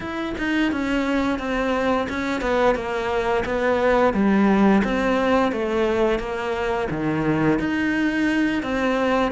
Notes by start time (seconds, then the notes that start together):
0.00 E4
0.38 D#4
0.72 C#4
1.38 C4
2.09 C#4
2.41 B3
2.75 A#3
3.45 B3
4.13 G3
4.83 C4
5.52 A3
6.19 A#3
6.90 D#3
7.59 D#4
8.62 C4